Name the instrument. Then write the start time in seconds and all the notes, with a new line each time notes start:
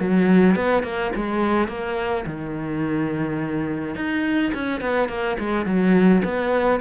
cello
0.00 F#3
0.56 B3
0.83 A#3
1.16 G#3
1.68 A#3
2.26 D#3
3.95 D#4
4.54 C#4
4.81 B3
5.09 A#3
5.39 G#3
5.66 F#3
6.24 B3